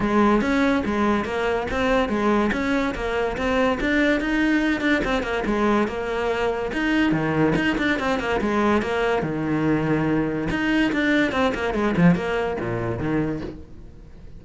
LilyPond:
\new Staff \with { instrumentName = "cello" } { \time 4/4 \tempo 4 = 143 gis4 cis'4 gis4 ais4 | c'4 gis4 cis'4 ais4 | c'4 d'4 dis'4. d'8 | c'8 ais8 gis4 ais2 |
dis'4 dis4 dis'8 d'8 c'8 ais8 | gis4 ais4 dis2~ | dis4 dis'4 d'4 c'8 ais8 | gis8 f8 ais4 ais,4 dis4 | }